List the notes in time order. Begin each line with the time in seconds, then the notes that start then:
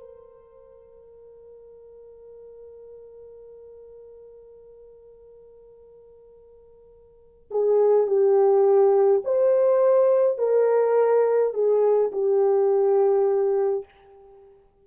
0.00 A#4
7.51 G#4
8.07 G4
9.25 C5
10.38 A#4
11.54 G#4
12.12 G4